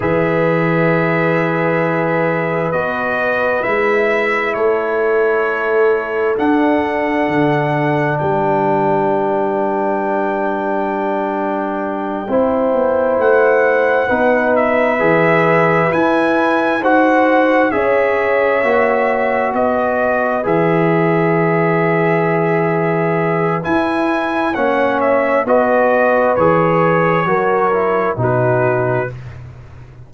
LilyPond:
<<
  \new Staff \with { instrumentName = "trumpet" } { \time 4/4 \tempo 4 = 66 e''2. dis''4 | e''4 cis''2 fis''4~ | fis''4 g''2.~ | g''2~ g''8 fis''4. |
e''4. gis''4 fis''4 e''8~ | e''4. dis''4 e''4.~ | e''2 gis''4 fis''8 e''8 | dis''4 cis''2 b'4 | }
  \new Staff \with { instrumentName = "horn" } { \time 4/4 b'1~ | b'4 a'2.~ | a'4 b'2.~ | b'4. c''2 b'8~ |
b'2~ b'8 c''4 cis''8~ | cis''4. b'2~ b'8~ | b'2. cis''4 | b'2 ais'4 fis'4 | }
  \new Staff \with { instrumentName = "trombone" } { \time 4/4 gis'2. fis'4 | e'2. d'4~ | d'1~ | d'4. e'2 dis'8~ |
dis'8 gis'4 e'4 fis'4 gis'8~ | gis'8 fis'2 gis'4.~ | gis'2 e'4 cis'4 | fis'4 gis'4 fis'8 e'8 dis'4 | }
  \new Staff \with { instrumentName = "tuba" } { \time 4/4 e2. b4 | gis4 a2 d'4 | d4 g2.~ | g4. c'8 b8 a4 b8~ |
b8 e4 e'4 dis'4 cis'8~ | cis'8 ais4 b4 e4.~ | e2 e'4 ais4 | b4 e4 fis4 b,4 | }
>>